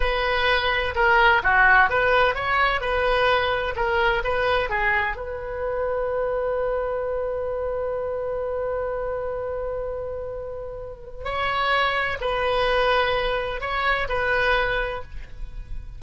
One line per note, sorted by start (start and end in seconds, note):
0.00 0.94 B4
0.95 1.42 A#4
1.43 1.89 F#4
1.89 2.34 B4
2.34 2.80 C#5
2.80 3.74 B4
3.75 4.22 A#4
4.24 4.69 B4
4.69 5.16 G#4
5.16 11.24 B4
11.24 12.17 C#5
12.20 13.60 B4
13.60 14.07 C#5
14.08 15.02 B4